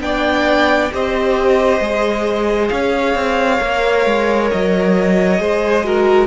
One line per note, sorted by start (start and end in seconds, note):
0.00 0.90 B3
0.00 0.90 D4
0.00 0.93 D5
0.00 0.91 G5
0.92 1.80 C4
0.92 1.81 G4
0.92 2.72 C5
0.92 2.68 D#5
1.80 2.69 G#3
1.80 3.60 G#4
2.68 3.14 C#4
2.68 5.40 C#5
2.68 4.47 F5
3.14 3.59 C4
3.60 4.05 A#3
3.60 5.38 A#4
4.06 4.50 G#3
4.50 5.39 F#3
4.50 6.27 D#5
5.38 6.27 G#3
5.38 5.83 G#4
5.38 5.85 C5
5.83 6.27 F#4
5.83 6.27 A#4